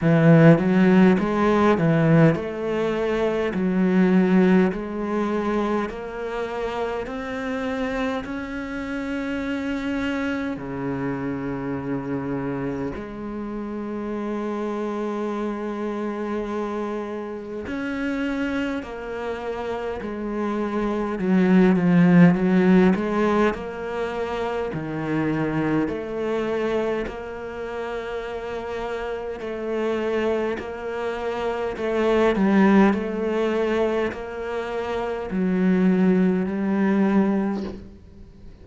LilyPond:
\new Staff \with { instrumentName = "cello" } { \time 4/4 \tempo 4 = 51 e8 fis8 gis8 e8 a4 fis4 | gis4 ais4 c'4 cis'4~ | cis'4 cis2 gis4~ | gis2. cis'4 |
ais4 gis4 fis8 f8 fis8 gis8 | ais4 dis4 a4 ais4~ | ais4 a4 ais4 a8 g8 | a4 ais4 fis4 g4 | }